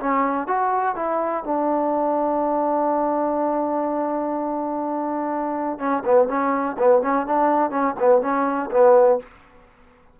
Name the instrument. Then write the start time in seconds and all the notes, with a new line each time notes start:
trombone
0.00 C#4
0.48 F#4
0.96 E4
1.44 D4
5.79 C#4
6.05 B3
6.28 C#4
6.79 B3
7.02 C#4
7.27 D4
7.71 C#4
8.00 B3
8.22 C#4
8.71 B3